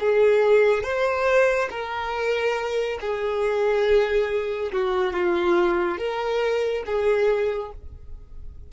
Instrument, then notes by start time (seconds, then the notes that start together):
violin
0.00 G#4
0.83 C5
1.71 A#4
3.01 G#4
4.73 F#4
5.14 F4
5.98 A#4
6.86 G#4